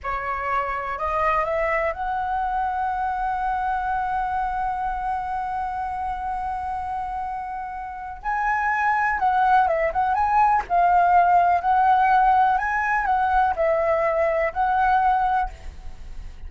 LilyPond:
\new Staff \with { instrumentName = "flute" } { \time 4/4 \tempo 4 = 124 cis''2 dis''4 e''4 | fis''1~ | fis''1~ | fis''1~ |
fis''4 gis''2 fis''4 | e''8 fis''8 gis''4 f''2 | fis''2 gis''4 fis''4 | e''2 fis''2 | }